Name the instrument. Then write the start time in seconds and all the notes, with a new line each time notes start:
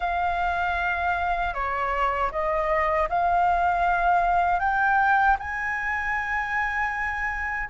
flute
0.00 F5
1.53 C#5
2.31 D#5
3.09 F5
4.59 G5
5.38 G#5